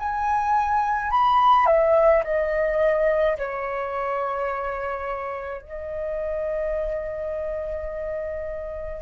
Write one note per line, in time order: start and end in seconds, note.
0.00 1.11 G#5
1.11 1.67 B5
1.67 2.23 E5
2.24 3.38 D#5
3.38 5.62 C#5
5.62 9.02 D#5